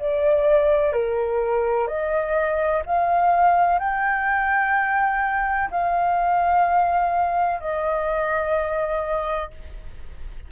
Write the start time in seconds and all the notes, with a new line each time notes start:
0.00 D5
0.93 A#4
1.88 D#5
2.86 F5
3.80 G5
5.71 F5
7.61 D#5